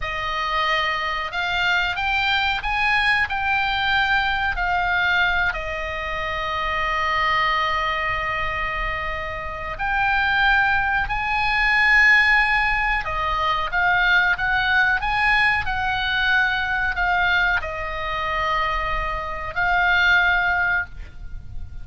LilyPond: \new Staff \with { instrumentName = "oboe" } { \time 4/4 \tempo 4 = 92 dis''2 f''4 g''4 | gis''4 g''2 f''4~ | f''8 dis''2.~ dis''8~ | dis''2. g''4~ |
g''4 gis''2. | dis''4 f''4 fis''4 gis''4 | fis''2 f''4 dis''4~ | dis''2 f''2 | }